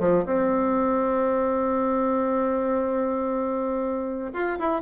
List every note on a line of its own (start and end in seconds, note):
0.00 0.25 F3
0.26 4.33 C4
4.34 4.59 F4
4.59 4.82 E4